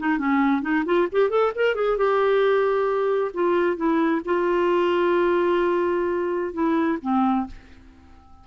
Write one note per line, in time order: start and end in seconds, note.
0.00 0.19 D#4
0.19 0.62 C#4
0.62 0.85 D#4
0.86 1.08 F4
1.12 1.30 G4
1.30 1.52 A4
1.56 1.75 A#4
1.75 1.98 G#4
1.98 3.32 G4
3.34 3.77 F4
3.77 4.22 E4
4.26 6.54 F4
6.54 6.99 E4
7.02 7.47 C4